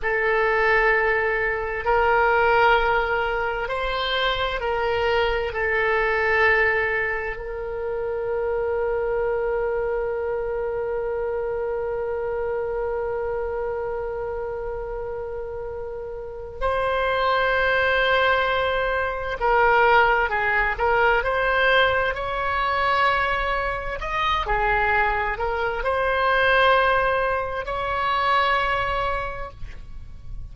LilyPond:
\new Staff \with { instrumentName = "oboe" } { \time 4/4 \tempo 4 = 65 a'2 ais'2 | c''4 ais'4 a'2 | ais'1~ | ais'1~ |
ais'2 c''2~ | c''4 ais'4 gis'8 ais'8 c''4 | cis''2 dis''8 gis'4 ais'8 | c''2 cis''2 | }